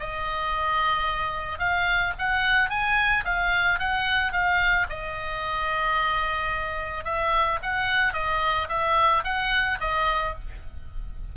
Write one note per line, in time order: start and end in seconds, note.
0.00 1.59 D#5
1.59 2.13 F5
2.18 2.70 F#5
2.70 3.24 G#5
3.25 3.79 F5
3.79 4.32 F#5
4.32 4.87 F5
4.90 7.05 D#5
7.05 7.59 E5
7.62 8.13 F#5
8.13 8.68 D#5
8.69 9.24 E5
9.24 9.78 F#5
9.80 10.35 D#5